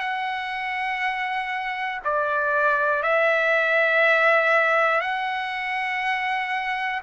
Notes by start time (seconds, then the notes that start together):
0.00 F#5
2.05 D5
3.03 E5
5.01 F#5